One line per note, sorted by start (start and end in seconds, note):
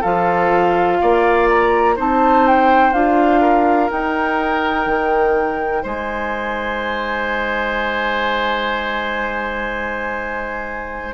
0.00 1.00 F3
0.00 1.96 F4
0.00 0.97 A4
0.00 1.48 F5
1.01 1.98 A#3
1.01 1.95 D5
1.49 1.97 A#5
1.95 2.92 C4
1.95 2.93 D#4
1.95 3.41 C5
1.95 2.47 A5
2.47 2.93 G5
2.92 3.89 D4
2.92 3.90 F4
2.92 3.90 F5
3.41 5.82 A#4
3.90 11.13 D#4
3.90 4.86 D#4
3.90 5.84 G5
4.86 5.82 D#3
5.82 11.13 G#3
5.82 11.13 C5
5.82 11.13 G#5